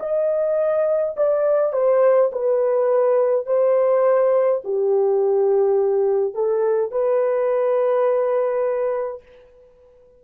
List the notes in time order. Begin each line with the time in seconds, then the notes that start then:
0.00 D#5
1.16 D5
1.73 C5
2.32 B4
3.46 C5
4.64 G4
6.34 A4
6.91 B4